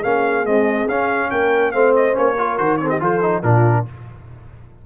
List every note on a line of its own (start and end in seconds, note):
0.00 0.46 A#3
0.00 0.45 C#4
0.00 1.28 G#4
0.00 0.45 F5
0.45 0.87 G#3
0.45 0.88 C4
0.45 0.88 D#5
0.88 1.30 C#4
0.88 1.73 C#4
0.88 1.30 F5
1.30 1.74 A#3
1.30 1.73 A#4
1.30 1.71 G5
1.71 2.16 A3
1.71 2.12 C4
1.71 2.37 C5
1.71 1.92 F5
1.95 2.17 D#5
2.12 2.59 A#3
2.12 2.34 C#4
2.12 2.57 C#5
2.37 2.58 F4
2.37 2.81 A#4
2.57 3.00 D#3
2.57 2.79 F#4
2.57 2.77 C5
2.77 3.00 C4
2.77 2.90 A4
2.77 2.87 C#5
2.89 3.01 G4
2.89 3.00 D#5
3.00 3.43 F3
3.00 3.21 F4
3.00 3.43 A4
3.00 3.43 C5
3.21 3.42 D#4
3.43 3.85 A#2
3.43 3.85 D4
3.43 3.85 F4
3.43 3.85 A#4